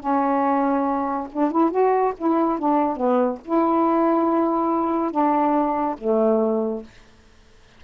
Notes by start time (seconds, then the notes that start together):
0.00 C#4
1.33 D4
1.51 E4
1.71 F#4
2.18 E4
2.59 D4
2.96 B3
3.45 E4
5.11 D4
5.98 A3